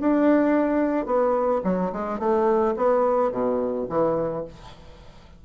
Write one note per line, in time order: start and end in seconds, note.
0.00 1.06 D4
1.06 1.61 B3
1.64 1.92 F#3
1.92 2.19 G#3
2.19 2.74 A3
2.76 3.31 B3
3.31 3.87 B2
3.89 4.44 E3